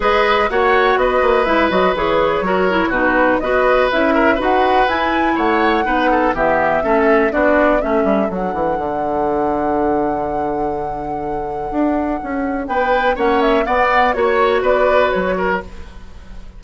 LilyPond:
<<
  \new Staff \with { instrumentName = "flute" } { \time 4/4 \tempo 4 = 123 dis''4 fis''4 dis''4 e''8 dis''8 | cis''2 b'4 dis''4 | e''4 fis''4 gis''4 fis''4~ | fis''4 e''2 d''4 |
e''4 fis''2.~ | fis''1~ | fis''2 g''4 fis''8 e''8 | fis''4 cis''4 d''4 cis''4 | }
  \new Staff \with { instrumentName = "oboe" } { \time 4/4 b'4 cis''4 b'2~ | b'4 ais'4 fis'4 b'4~ | b'8 ais'8 b'2 cis''4 | b'8 a'8 g'4 a'4 fis'4 |
a'1~ | a'1~ | a'2 b'4 cis''4 | d''4 cis''4 b'4. ais'8 | }
  \new Staff \with { instrumentName = "clarinet" } { \time 4/4 gis'4 fis'2 e'8 fis'8 | gis'4 fis'8 e'8 dis'4 fis'4 | e'4 fis'4 e'2 | dis'4 b4 cis'4 d'4 |
cis'4 d'2.~ | d'1~ | d'2. cis'4 | b4 fis'2. | }
  \new Staff \with { instrumentName = "bassoon" } { \time 4/4 gis4 ais4 b8 ais8 gis8 fis8 | e4 fis4 b,4 b4 | cis'4 dis'4 e'4 a4 | b4 e4 a4 b4 |
a8 g8 fis8 e8 d2~ | d1 | d'4 cis'4 b4 ais4 | b4 ais4 b4 fis4 | }
>>